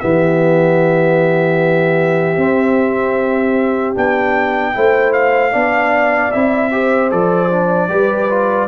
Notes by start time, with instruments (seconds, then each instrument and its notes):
0.00 tuba E3, trombone B3, horn G4, trumpet E5
2.37 tuba C4, trombone C4
3.95 tuba B3, trombone D4, trumpet G5
4.74 tuba A3, trombone E4, horn C5
5.13 trumpet F5
5.53 tuba B3, trombone D4, horn D5
6.32 tuba C4, trombone E4, trumpet E5
6.72 trombone G4, horn C5
7.11 tuba F3, trombone A4, trumpet D5
7.51 trombone D4
7.89 tuba G3, trombone G4, horn B4
8.30 trombone F4